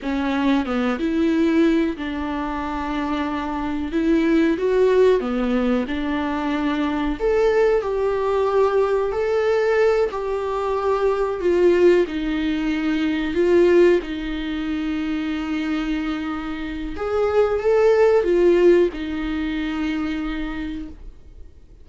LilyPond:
\new Staff \with { instrumentName = "viola" } { \time 4/4 \tempo 4 = 92 cis'4 b8 e'4. d'4~ | d'2 e'4 fis'4 | b4 d'2 a'4 | g'2 a'4. g'8~ |
g'4. f'4 dis'4.~ | dis'8 f'4 dis'2~ dis'8~ | dis'2 gis'4 a'4 | f'4 dis'2. | }